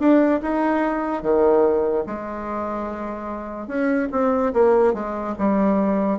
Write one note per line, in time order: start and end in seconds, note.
0.00 0.41 D4
0.43 1.23 D#4
1.23 2.05 D#3
2.07 3.68 G#3
3.68 4.09 C#4
4.12 4.53 C4
4.54 4.94 A#3
4.94 5.35 G#3
5.39 6.19 G3